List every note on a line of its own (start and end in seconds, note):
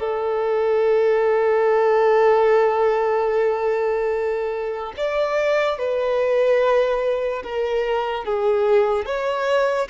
0.00 4.93 A4
4.97 5.79 D5
5.79 7.43 B4
7.44 8.25 A#4
8.25 9.06 G#4
9.06 9.88 C#5